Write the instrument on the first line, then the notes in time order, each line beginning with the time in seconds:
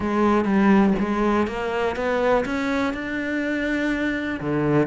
cello
0.00 G#3
0.44 G3
0.99 G#3
1.47 A#3
1.95 B3
2.45 C#4
2.93 D4
4.40 D3